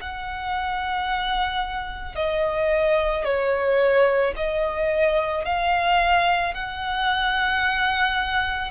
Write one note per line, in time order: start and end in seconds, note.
0.00 2.15 F#5
2.15 3.24 D#5
3.24 4.33 C#5
4.36 5.45 D#5
5.45 6.54 F5
6.54 8.71 F#5